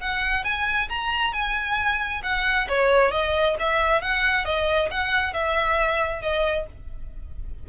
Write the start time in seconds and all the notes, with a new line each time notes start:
0.00 F#5
0.44 G#5
0.89 A#5
1.33 G#5
2.23 F#5
2.69 C#5
3.12 D#5
3.60 E5
4.02 F#5
4.45 D#5
4.91 F#5
5.34 E5
6.22 D#5